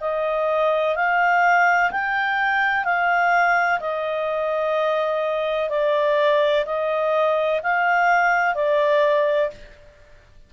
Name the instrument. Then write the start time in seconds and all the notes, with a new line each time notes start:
clarinet
0.00 D#5
0.95 F5
1.91 G5
2.84 F5
3.80 D#5
5.69 D5
6.65 D#5
7.63 F5
8.55 D5